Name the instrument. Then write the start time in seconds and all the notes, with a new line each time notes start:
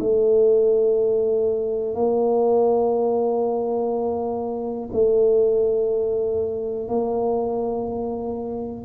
tuba
0.00 A3
1.95 A#3
4.93 A3
6.89 A#3